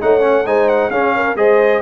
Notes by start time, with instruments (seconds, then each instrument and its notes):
0.00 tuba A3, trombone D#4, horn C#5, trumpet F#5
0.20 trombone C#4
0.46 tuba G#3, trombone D#4, horn C5, trumpet G#5
0.68 trumpet F#5
0.90 tuba C#4, trombone C#4, horn G#4, trumpet F5
1.15 horn A#4
1.35 tuba G#3, trombone G#4, horn C5, trumpet D#5